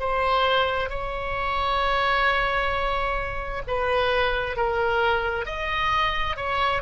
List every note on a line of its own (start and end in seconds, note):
0.00 0.90 C5
0.90 3.63 C#5
3.67 4.57 B4
4.57 5.46 A#4
5.46 6.37 D#5
6.37 6.82 C#5